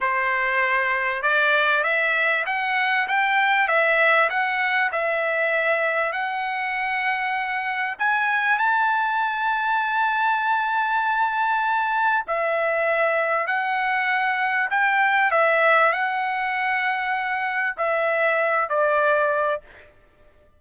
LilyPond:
\new Staff \with { instrumentName = "trumpet" } { \time 4/4 \tempo 4 = 98 c''2 d''4 e''4 | fis''4 g''4 e''4 fis''4 | e''2 fis''2~ | fis''4 gis''4 a''2~ |
a''1 | e''2 fis''2 | g''4 e''4 fis''2~ | fis''4 e''4. d''4. | }